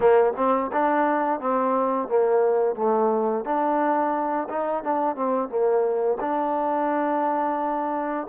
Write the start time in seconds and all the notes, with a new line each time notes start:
0.00 A#3
0.36 C4
0.72 D4
1.39 C4
2.08 A#3
2.75 A3
3.44 D4
4.49 D#4
4.83 D4
5.15 C4
5.49 A#3
6.20 D4